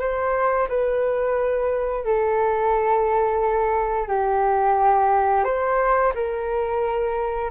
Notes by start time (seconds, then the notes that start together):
0.00 C5
0.69 B4
2.05 A4
4.08 G4
5.45 C5
6.15 A#4